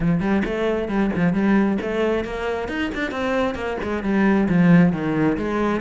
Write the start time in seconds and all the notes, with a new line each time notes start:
0.00 F3
0.20 G3
0.45 A3
0.88 G3
1.15 F3
1.33 G3
1.81 A3
2.24 A#3
2.68 D#4
2.94 D4
3.11 C4
3.55 A#3
3.82 G#3
4.03 G3
4.48 F3
4.92 D#3
5.37 G#3